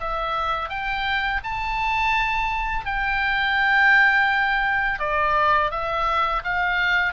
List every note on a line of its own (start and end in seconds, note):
0.00 0.69 E5
0.69 1.41 G5
1.44 2.85 A5
2.85 4.99 G5
4.99 5.71 D5
5.71 6.42 E5
6.44 7.13 F5